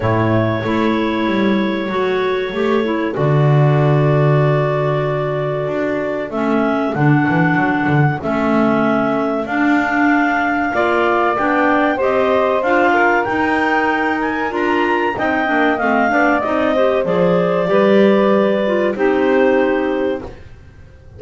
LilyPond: <<
  \new Staff \with { instrumentName = "clarinet" } { \time 4/4 \tempo 4 = 95 cis''1~ | cis''4 d''2.~ | d''2 e''4 fis''4~ | fis''4 e''2 f''4~ |
f''2 g''4 dis''4 | f''4 g''4. gis''8 ais''4 | g''4 f''4 dis''4 d''4~ | d''2 c''2 | }
  \new Staff \with { instrumentName = "saxophone" } { \time 4/4 e'4 a'2.~ | a'1~ | a'1~ | a'1~ |
a'4 d''2 c''4~ | c''8 ais'2.~ ais'8 | dis''4. d''4 c''4. | b'2 g'2 | }
  \new Staff \with { instrumentName = "clarinet" } { \time 4/4 a4 e'2 fis'4 | g'8 e'8 fis'2.~ | fis'2 cis'4 d'4~ | d'4 cis'2 d'4~ |
d'4 f'4 d'4 g'4 | f'4 dis'2 f'4 | dis'8 d'8 c'8 d'8 dis'8 g'8 gis'4 | g'4. f'8 dis'2 | }
  \new Staff \with { instrumentName = "double bass" } { \time 4/4 a,4 a4 g4 fis4 | a4 d2.~ | d4 d'4 a4 d8 e8 | fis8 d8 a2 d'4~ |
d'4 ais4 b4 c'4 | d'4 dis'2 d'4 | c'8 ais8 a8 b8 c'4 f4 | g2 c'2 | }
>>